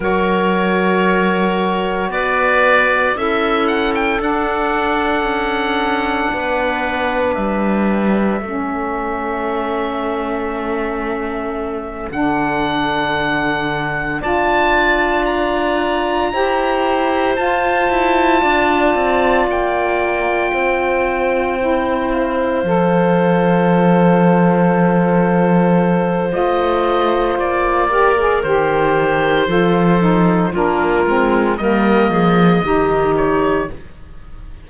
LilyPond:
<<
  \new Staff \with { instrumentName = "oboe" } { \time 4/4 \tempo 4 = 57 cis''2 d''4 e''8 fis''16 g''16 | fis''2. e''4~ | e''2.~ e''8 fis''8~ | fis''4. a''4 ais''4.~ |
ais''8 a''2 g''4.~ | g''4 f''2.~ | f''4 dis''4 d''4 c''4~ | c''4 ais'4 dis''4. cis''8 | }
  \new Staff \with { instrumentName = "clarinet" } { \time 4/4 ais'2 b'4 a'4~ | a'2 b'2 | a'1~ | a'4. d''2 c''8~ |
c''4. d''2 c''8~ | c''1~ | c''2~ c''8 ais'4. | a'4 f'4 ais'8 gis'8 g'4 | }
  \new Staff \with { instrumentName = "saxophone" } { \time 4/4 fis'2. e'4 | d'1 | cis'2.~ cis'8 d'8~ | d'4. f'2 g'8~ |
g'8 f'2.~ f'8~ | f'8 e'4 a'2~ a'8~ | a'4 f'4. g'16 gis'16 g'4 | f'8 dis'8 d'8 c'8 ais4 dis'4 | }
  \new Staff \with { instrumentName = "cello" } { \time 4/4 fis2 b4 cis'4 | d'4 cis'4 b4 g4 | a2.~ a8 d8~ | d4. d'2 e'8~ |
e'8 f'8 e'8 d'8 c'8 ais4 c'8~ | c'4. f2~ f8~ | f4 a4 ais4 dis4 | f4 ais8 gis8 g8 f8 dis4 | }
>>